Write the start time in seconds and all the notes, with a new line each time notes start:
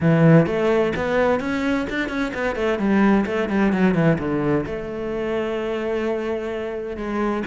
0.00 E3
0.46 A3
0.96 B3
1.40 C#4
1.89 D4
2.08 C#4
2.33 B3
2.55 A3
2.78 G3
3.26 A3
3.49 G3
3.72 F#3
3.94 E3
4.18 D3
4.66 A3
6.96 G#3